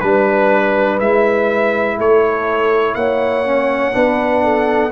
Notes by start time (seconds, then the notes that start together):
0.00 G3 D4 B4
1.00 G#3 E4 E5
1.98 A3 A4 C#5
2.95 A#3 C#5 F#5
3.45 C#4
3.92 B3 D4 B4
4.44 A4